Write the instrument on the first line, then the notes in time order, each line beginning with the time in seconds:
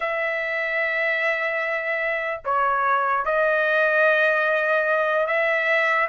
trumpet
0.00 E5
2.44 C#5
3.25 D#5
5.26 E5